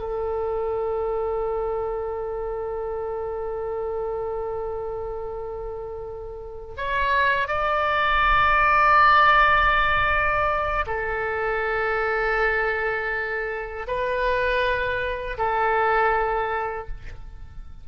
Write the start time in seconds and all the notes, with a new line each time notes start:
0.00 A4
6.77 C#5
7.48 D5
10.86 A4
13.88 B4
15.38 A4